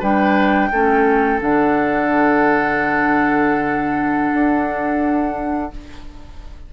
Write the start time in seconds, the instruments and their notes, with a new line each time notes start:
0.00 bassoon G3, clarinet D4, oboe B4, flute G5
0.72 bassoon A3, clarinet C#4, oboe A4
1.40 bassoon D3, clarinet D4, flute F#5
4.33 bassoon D4